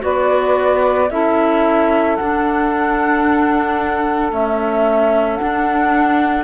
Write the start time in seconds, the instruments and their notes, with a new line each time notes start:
0.00 cello B3, clarinet F#4, saxophone B4, flute D5
1.10 cello C#4, clarinet E4, saxophone A4, flute E5
2.16 clarinet D4, cello D4, flute F#5
4.30 clarinet A3, cello C#4, flute E5
5.36 clarinet D4, cello D4, flute F#5